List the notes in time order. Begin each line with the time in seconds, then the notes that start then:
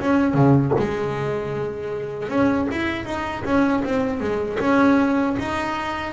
0.00 C#4
0.34 C#3
0.79 G#3
2.29 C#4
2.71 E4
3.05 D#4
3.45 C#4
3.84 C4
4.21 G#3
4.59 C#4
5.39 D#4